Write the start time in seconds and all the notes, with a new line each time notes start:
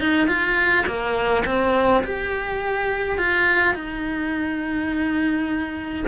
0.00 D#4
0.28 F4
0.87 A#3
1.46 C4
2.04 G4
3.18 F4
3.74 D#4